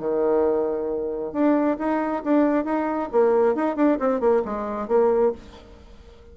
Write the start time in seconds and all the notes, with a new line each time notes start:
0.00 D#3
1.33 D4
1.79 D#4
2.24 D4
2.65 D#4
3.12 A#3
3.55 D#4
3.76 D4
4.00 C4
4.21 A#3
4.45 G#3
4.88 A#3